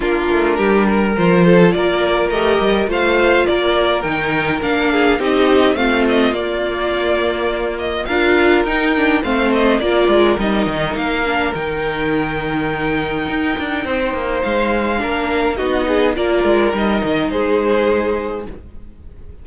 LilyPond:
<<
  \new Staff \with { instrumentName = "violin" } { \time 4/4 \tempo 4 = 104 ais'2 c''4 d''4 | dis''4 f''4 d''4 g''4 | f''4 dis''4 f''8 dis''8 d''4~ | d''4. dis''8 f''4 g''4 |
f''8 dis''8 d''4 dis''4 f''4 | g''1~ | g''4 f''2 dis''4 | d''4 dis''4 c''2 | }
  \new Staff \with { instrumentName = "violin" } { \time 4/4 f'4 g'8 ais'4 a'8 ais'4~ | ais'4 c''4 ais'2~ | ais'8 gis'8 g'4 f'2~ | f'2 ais'2 |
c''4 ais'2.~ | ais'1 | c''2 ais'4 fis'8 gis'8 | ais'2 gis'2 | }
  \new Staff \with { instrumentName = "viola" } { \time 4/4 d'2 f'2 | g'4 f'2 dis'4 | d'4 dis'4 c'4 ais4~ | ais2 f'4 dis'8 d'8 |
c'4 f'4 dis'4. d'8 | dis'1~ | dis'2 d'4 dis'4 | f'4 dis'2. | }
  \new Staff \with { instrumentName = "cello" } { \time 4/4 ais8 a8 g4 f4 ais4 | a8 g8 a4 ais4 dis4 | ais4 c'4 a4 ais4~ | ais2 d'4 dis'4 |
a4 ais8 gis8 g8 dis8 ais4 | dis2. dis'8 d'8 | c'8 ais8 gis4 ais4 b4 | ais8 gis8 g8 dis8 gis2 | }
>>